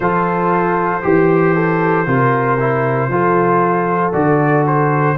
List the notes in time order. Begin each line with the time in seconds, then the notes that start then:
0.00 F3 F4 A4 C5
1.02 E3 G4
1.54 A4
2.06 C3 F4 A#4
2.60 E4
3.08 F3 F4 A4
4.12 D3 F#4 D5
4.67 C5